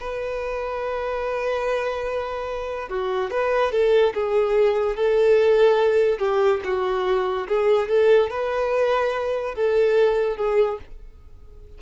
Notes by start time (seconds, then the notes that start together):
0.00 B4
2.89 F#4
3.31 B4
3.72 A4
4.14 G#4
4.96 A4
6.19 G4
6.64 F#4
7.48 G#4
7.89 A4
8.30 B4
9.55 A4
10.37 G#4